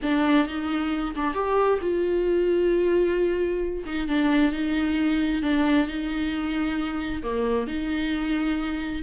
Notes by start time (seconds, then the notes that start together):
0.02 D4
0.47 D#4
1.15 D4
1.33 G4
1.81 F4
3.86 D#4
4.08 D4
4.52 D#4
5.42 D4
5.87 D#4
7.22 A#3
7.67 D#4